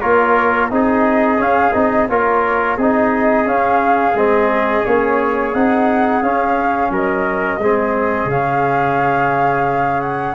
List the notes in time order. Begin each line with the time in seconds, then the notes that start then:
0.00 A#3 F4 A#4 C#5
0.70 C4 D#4 G#4 D#5
1.37 C#4 F5
1.72 C4 D#4 D#5
2.08 A#3 F4 A#4 C#5
2.77 C4 D#4 G#4 D#5
3.45 C#4 F5
4.14 G#3 C4 D#5
4.84 A#3 C#4 C#5
5.53 C4 D#4 F#5
6.22 C#4 F5
6.90 F#3 A#4 D#5
7.58 G#3 C4 G#4
8.25 C#3 C#4 F5
10.00 F#5